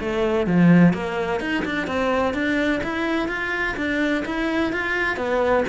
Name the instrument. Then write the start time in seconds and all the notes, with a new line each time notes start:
cello
0.00 A3
0.47 F3
0.94 A#3
1.40 D#4
1.65 D4
1.87 C4
2.34 D4
2.83 E4
3.29 F4
3.77 D4
4.25 E4
4.73 F4
5.17 B3